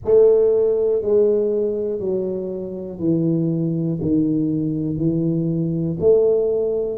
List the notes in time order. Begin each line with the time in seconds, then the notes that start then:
0.05 A3
1.02 G#3
1.99 F#3
2.99 E3
4.01 D#3
4.97 E3
6.00 A3